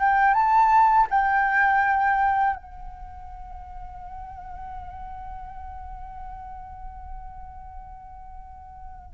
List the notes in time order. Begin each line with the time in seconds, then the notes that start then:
0.00 G5
0.34 A5
1.10 G5
2.56 F#5